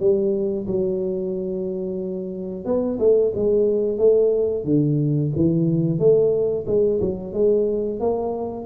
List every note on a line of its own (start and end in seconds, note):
0.00 0.67 G3
0.67 2.65 F#3
2.65 2.99 B3
2.99 3.33 A3
3.35 3.98 G#3
3.98 4.65 A3
4.65 5.32 D3
5.36 5.99 E3
5.99 6.65 A3
6.67 7.00 G#3
7.01 7.34 F#3
7.34 8.00 G#3
8.00 8.66 A#3